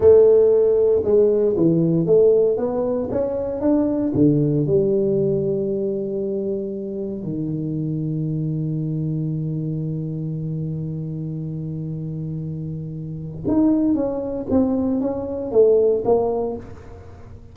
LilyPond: \new Staff \with { instrumentName = "tuba" } { \time 4/4 \tempo 4 = 116 a2 gis4 e4 | a4 b4 cis'4 d'4 | d4 g2.~ | g2 dis2~ |
dis1~ | dis1~ | dis2 dis'4 cis'4 | c'4 cis'4 a4 ais4 | }